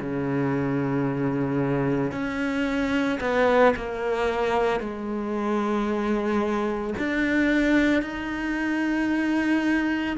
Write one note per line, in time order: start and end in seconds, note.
0.00 2.11 C#3
2.11 3.19 C#4
3.20 3.74 B3
3.76 4.80 A#3
4.80 6.94 G#3
6.98 8.02 D4
8.02 10.16 D#4